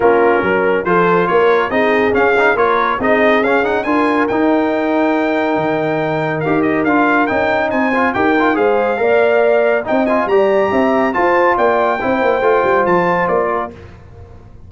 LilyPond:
<<
  \new Staff \with { instrumentName = "trumpet" } { \time 4/4 \tempo 4 = 140 ais'2 c''4 cis''4 | dis''4 f''4 cis''4 dis''4 | f''8 fis''8 gis''4 g''2~ | g''2. f''8 dis''8 |
f''4 g''4 gis''4 g''4 | f''2. g''8 gis''8 | ais''2 a''4 g''4~ | g''2 a''4 d''4 | }
  \new Staff \with { instrumentName = "horn" } { \time 4/4 f'4 ais'4 a'4 ais'4 | gis'2 ais'4 gis'4~ | gis'4 ais'2.~ | ais'1~ |
ais'2 c''4 ais'4 | c''4 d''2 dis''4 | d''4 e''4 c''4 d''4 | c''2.~ c''8 ais'8 | }
  \new Staff \with { instrumentName = "trombone" } { \time 4/4 cis'2 f'2 | dis'4 cis'8 dis'8 f'4 dis'4 | cis'8 dis'8 f'4 dis'2~ | dis'2. g'4 |
f'4 dis'4. f'8 g'8 f'8 | gis'4 ais'2 dis'8 f'8 | g'2 f'2 | e'4 f'2. | }
  \new Staff \with { instrumentName = "tuba" } { \time 4/4 ais4 fis4 f4 ais4 | c'4 cis'4 ais4 c'4 | cis'4 d'4 dis'2~ | dis'4 dis2 dis'4 |
d'4 cis'4 c'4 dis'4 | gis4 ais2 c'4 | g4 c'4 f'4 ais4 | c'8 ais8 a8 g8 f4 ais4 | }
>>